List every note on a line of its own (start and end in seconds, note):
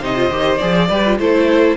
0.00 0.29 C3
0.00 0.16 D#4
0.00 0.87 C5
0.00 0.57 D#5
0.16 0.30 F4
0.30 0.59 D#3
0.30 0.59 G4
0.57 0.89 F3
0.57 0.89 G#4
0.57 1.16 D5
0.89 1.18 G3
0.89 1.04 G4
0.89 1.18 B4
1.06 1.19 F4
1.18 1.77 A3
1.18 1.77 E4
1.18 1.77 A4
1.18 1.77 C5